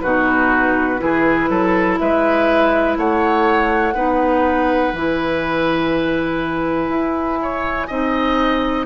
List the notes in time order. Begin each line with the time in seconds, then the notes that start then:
0.00 B2 D#4 F#4 B4
0.98 E3 E4 G#4
1.49 F#3 A4
1.98 G#3 B4 E5
2.97 A3 C#5 F#5
3.94 B3 D#4 B4
4.93 E3 E4 G#5
6.89 E4
7.42 C#5
7.87 C4 D#4 D#5